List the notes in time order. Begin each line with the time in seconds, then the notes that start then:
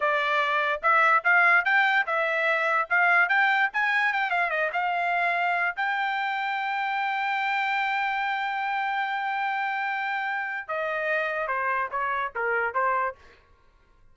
0.00 D5
0.82 E5
1.24 F5
1.64 G5
2.06 E5
2.89 F5
3.28 G5
3.73 G#5
4.12 G5
4.30 F5
4.50 D#5
4.72 F5
5.76 G5
10.68 D#5
11.47 C5
11.91 C#5
12.35 A#4
12.74 C5